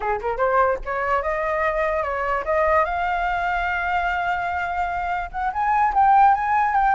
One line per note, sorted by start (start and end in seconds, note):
0.00 0.20 G#4
0.21 0.37 A#4
0.37 0.78 C5
0.85 1.22 C#5
1.22 2.03 D#5
2.03 2.44 C#5
2.45 2.84 D#5
2.84 5.29 F5
5.31 5.52 F#5
5.53 5.93 G#5
5.94 6.34 G5
6.34 6.75 G#5
6.75 6.95 G5